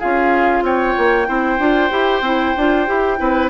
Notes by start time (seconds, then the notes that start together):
0.00 C#4 F4 G#4 F5
0.63 C4 C#5 G5
0.98 A#3
1.27 C4 E4 C5
1.59 D4 F4
1.91 E4 G4
2.22 C4 E4
2.57 D4 F4
2.87 E4 G4
3.18 C4 E4 B4